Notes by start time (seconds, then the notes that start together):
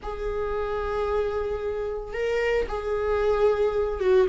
0.02 G#4
2.13 A#4
2.68 G#4
4.00 F#4